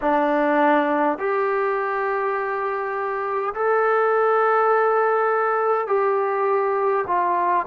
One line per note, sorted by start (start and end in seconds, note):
0.01 1.18 D4
1.18 3.53 G4
3.54 5.87 A4
5.87 7.04 G4
7.07 7.66 F4